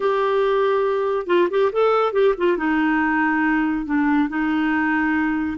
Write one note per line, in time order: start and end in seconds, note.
0.00 1.26 G4
1.26 1.48 F4
1.50 1.71 G4
1.72 2.13 A4
2.13 2.34 G4
2.37 2.57 F4
2.57 3.85 D#4
3.85 4.28 D4
4.29 5.57 D#4